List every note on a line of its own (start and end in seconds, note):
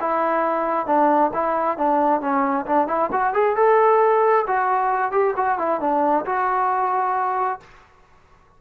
0.00 0.86 E4
0.86 1.31 D4
1.33 1.77 E4
1.77 2.20 D4
2.20 2.65 C#4
2.66 2.87 D4
2.87 3.10 E4
3.12 3.33 F#4
3.33 3.56 G#4
3.56 4.45 A4
4.47 5.11 F#4
5.11 5.34 G4
5.36 5.58 F#4
5.58 5.80 E4
5.80 6.25 D4
6.25 7.60 F#4